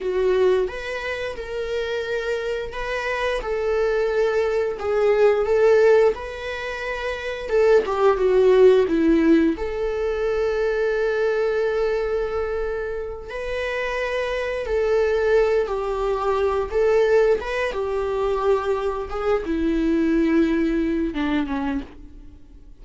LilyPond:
\new Staff \with { instrumentName = "viola" } { \time 4/4 \tempo 4 = 88 fis'4 b'4 ais'2 | b'4 a'2 gis'4 | a'4 b'2 a'8 g'8 | fis'4 e'4 a'2~ |
a'2.~ a'8 b'8~ | b'4. a'4. g'4~ | g'8 a'4 b'8 g'2 | gis'8 e'2~ e'8 d'8 cis'8 | }